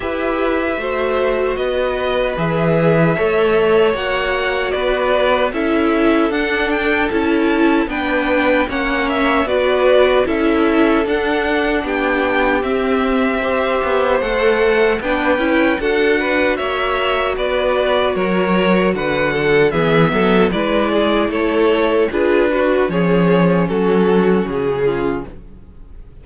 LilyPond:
<<
  \new Staff \with { instrumentName = "violin" } { \time 4/4 \tempo 4 = 76 e''2 dis''4 e''4~ | e''4 fis''4 d''4 e''4 | fis''8 g''8 a''4 g''4 fis''8 e''8 | d''4 e''4 fis''4 g''4 |
e''2 fis''4 g''4 | fis''4 e''4 d''4 cis''4 | fis''4 e''4 d''4 cis''4 | b'4 cis''4 a'4 gis'4 | }
  \new Staff \with { instrumentName = "violin" } { \time 4/4 b'4 c''4 b'2 | cis''2 b'4 a'4~ | a'2 b'4 cis''4 | b'4 a'2 g'4~ |
g'4 c''2 b'4 | a'8 b'8 cis''4 b'4 ais'4 | b'8 a'8 gis'8 a'8 b'8 gis'8 a'4 | gis'8 fis'8 gis'4 fis'4. f'8 | }
  \new Staff \with { instrumentName = "viola" } { \time 4/4 g'4 fis'2 gis'4 | a'4 fis'2 e'4 | d'4 e'4 d'4 cis'4 | fis'4 e'4 d'2 |
c'4 g'4 a'4 d'8 e'8 | fis'1~ | fis'4 b4 e'2 | f'8 fis'8 cis'2. | }
  \new Staff \with { instrumentName = "cello" } { \time 4/4 e'4 a4 b4 e4 | a4 ais4 b4 cis'4 | d'4 cis'4 b4 ais4 | b4 cis'4 d'4 b4 |
c'4. b8 a4 b8 cis'8 | d'4 ais4 b4 fis4 | d4 e8 fis8 gis4 a4 | d'4 f4 fis4 cis4 | }
>>